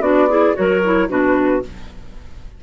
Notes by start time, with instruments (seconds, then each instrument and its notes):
0.00 bassoon B3, clarinet D4 F#4, flute D5
0.28 clarinet E4 G#4
0.54 bassoon F#3, clarinet F#4 A#4, flute C#5
0.84 clarinet E4
1.08 bassoon B2, clarinet D4 F#4, flute B4